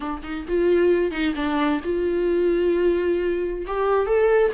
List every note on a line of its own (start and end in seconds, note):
0.00 0.21 D4
0.23 0.45 D#4
0.48 1.11 F4
1.11 1.33 D#4
1.35 1.80 D4
1.83 3.65 F4
3.66 4.06 G4
4.06 4.51 A4